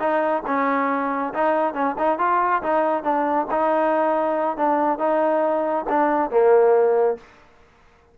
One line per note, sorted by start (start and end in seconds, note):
0.00 0.43 D#4
0.47 1.34 C#4
1.34 1.74 D#4
1.74 1.96 C#4
1.98 2.19 D#4
2.19 2.62 F4
2.63 3.04 D#4
3.04 3.47 D4
3.51 4.57 D#4
4.57 4.99 D4
4.99 5.86 D#4
5.89 6.31 D4
6.31 7.18 A#3